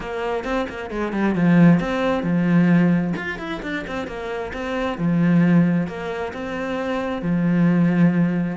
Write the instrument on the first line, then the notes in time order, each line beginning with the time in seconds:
cello
0.00 A#3
0.44 C4
0.69 A#3
0.90 G#3
1.12 G3
1.35 F3
1.80 C4
2.23 F3
3.16 F4
3.38 E4
3.62 D4
3.87 C4
4.07 A#3
4.53 C4
4.97 F3
5.87 A#3
6.33 C4
7.22 F3